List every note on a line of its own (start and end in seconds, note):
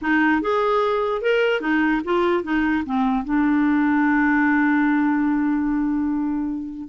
0.01 0.41 D#4
0.41 1.21 G#4
1.21 1.61 A#4
1.61 2.01 D#4
2.04 2.43 F4
2.43 2.84 D#4
2.85 3.24 C4
3.24 6.88 D4